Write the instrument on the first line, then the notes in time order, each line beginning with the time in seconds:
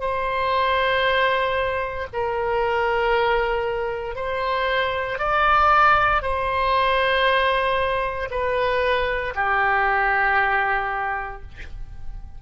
oboe
0.00 C5
2.13 A#4
4.16 C5
5.19 D5
6.22 C5
8.30 B4
9.35 G4